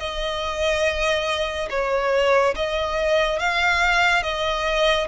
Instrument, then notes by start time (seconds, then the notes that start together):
violin
0.00 D#5
1.70 C#5
2.56 D#5
3.39 F5
4.23 D#5